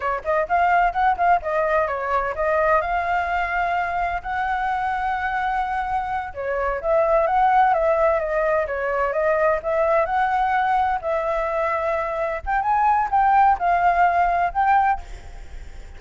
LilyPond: \new Staff \with { instrumentName = "flute" } { \time 4/4 \tempo 4 = 128 cis''8 dis''8 f''4 fis''8 f''8 dis''4 | cis''4 dis''4 f''2~ | f''4 fis''2.~ | fis''4. cis''4 e''4 fis''8~ |
fis''8 e''4 dis''4 cis''4 dis''8~ | dis''8 e''4 fis''2 e''8~ | e''2~ e''8 g''8 gis''4 | g''4 f''2 g''4 | }